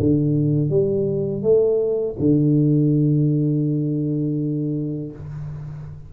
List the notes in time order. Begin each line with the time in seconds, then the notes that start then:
0.00 D3
0.70 G3
1.43 A3
2.20 D3